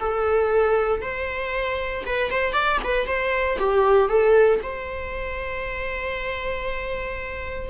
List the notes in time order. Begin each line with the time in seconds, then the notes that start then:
0.00 A4
1.02 C5
2.06 B4
2.31 C5
2.53 D5
2.84 B4
3.07 C5
3.59 G4
4.09 A4
4.63 C5